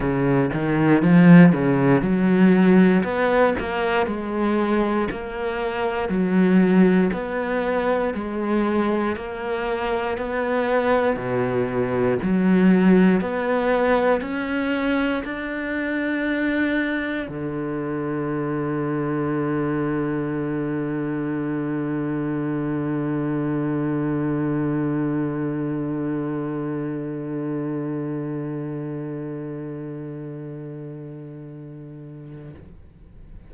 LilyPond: \new Staff \with { instrumentName = "cello" } { \time 4/4 \tempo 4 = 59 cis8 dis8 f8 cis8 fis4 b8 ais8 | gis4 ais4 fis4 b4 | gis4 ais4 b4 b,4 | fis4 b4 cis'4 d'4~ |
d'4 d2.~ | d1~ | d1~ | d1 | }